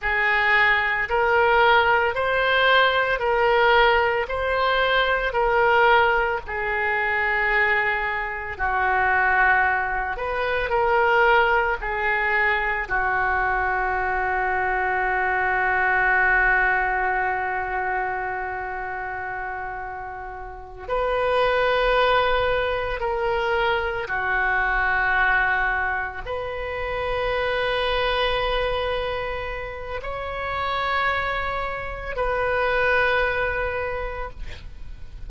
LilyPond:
\new Staff \with { instrumentName = "oboe" } { \time 4/4 \tempo 4 = 56 gis'4 ais'4 c''4 ais'4 | c''4 ais'4 gis'2 | fis'4. b'8 ais'4 gis'4 | fis'1~ |
fis'2.~ fis'8 b'8~ | b'4. ais'4 fis'4.~ | fis'8 b'2.~ b'8 | cis''2 b'2 | }